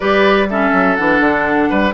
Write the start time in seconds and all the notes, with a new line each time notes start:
0.00 G3 G4 B4 D5
0.49 C#4 A4 E5
0.72 F#3
0.95 E3 D4 F#5
1.19 D3
1.69 G3 B4